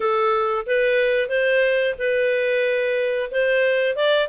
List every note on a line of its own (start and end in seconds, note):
0.00 0.65 A4
0.66 1.29 B4
1.29 1.95 C5
1.98 3.30 B4
3.31 3.95 C5
3.95 4.28 D5